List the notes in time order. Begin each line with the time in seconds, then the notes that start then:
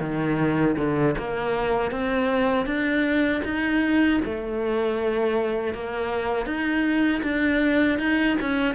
0.00 D#3
0.77 D3
1.18 A#3
1.91 C4
2.66 D4
3.45 D#4
4.25 A3
5.74 A#3
6.46 D#4
7.23 D4
7.99 D#4
8.41 C#4